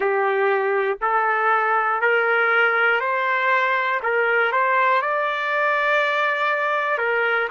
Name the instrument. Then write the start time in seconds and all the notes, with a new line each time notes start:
trumpet
0.00 G4
1.01 A4
2.00 A#4
3.00 C5
4.03 A#4
4.51 C5
5.01 D5
6.98 A#4